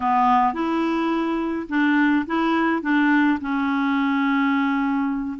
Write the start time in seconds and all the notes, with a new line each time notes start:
0.00 B3
0.53 E4
1.69 D4
2.26 E4
2.81 D4
3.40 C#4